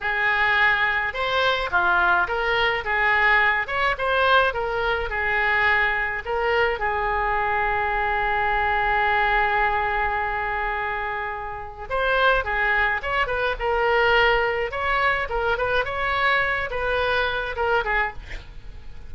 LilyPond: \new Staff \with { instrumentName = "oboe" } { \time 4/4 \tempo 4 = 106 gis'2 c''4 f'4 | ais'4 gis'4. cis''8 c''4 | ais'4 gis'2 ais'4 | gis'1~ |
gis'1~ | gis'4 c''4 gis'4 cis''8 b'8 | ais'2 cis''4 ais'8 b'8 | cis''4. b'4. ais'8 gis'8 | }